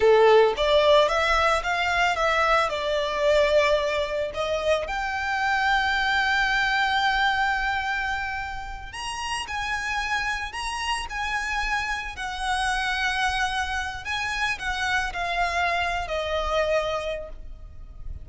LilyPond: \new Staff \with { instrumentName = "violin" } { \time 4/4 \tempo 4 = 111 a'4 d''4 e''4 f''4 | e''4 d''2. | dis''4 g''2.~ | g''1~ |
g''8 ais''4 gis''2 ais''8~ | ais''8 gis''2 fis''4.~ | fis''2 gis''4 fis''4 | f''4.~ f''16 dis''2~ dis''16 | }